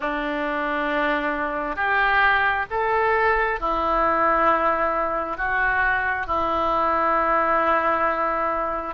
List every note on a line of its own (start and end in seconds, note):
0.00 1.75 D4
1.75 2.65 G4
2.70 3.60 A4
3.60 5.37 E4
5.37 6.26 F#4
6.26 8.94 E4